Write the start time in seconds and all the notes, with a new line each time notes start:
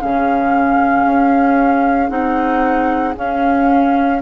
0.00 C#3 C#4 G#4 F5
1.05 C#4
2.08 C4 D#4 F#5
3.15 C#4 F5